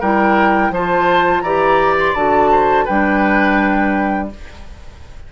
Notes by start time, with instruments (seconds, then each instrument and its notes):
0.00 bassoon G3, clarinet E4, oboe A#4, flute G5
0.70 bassoon F3, clarinet F4, oboe C5, flute A5
1.41 bassoon E3, clarinet G4, oboe D5, flute A#5
2.00 flute C6
2.14 bassoon D3, clarinet F#4, flute A5
2.52 oboe C5
2.85 bassoon G3, clarinet D4, oboe B4, flute G5